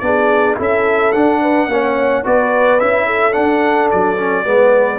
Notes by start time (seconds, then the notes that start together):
0.00 B3 D4 G#4 D5
0.58 C#4 E4 A4 E5
1.13 D4 F#5
1.42 B4
1.68 A#3 C#4 C#5
2.24 B3 F#4 B4 D5
2.80 C#4 E4 E5
3.07 A4
3.33 D4 F#5
3.92 F#3 D5
4.17 C#4
4.45 G#3 B3 B4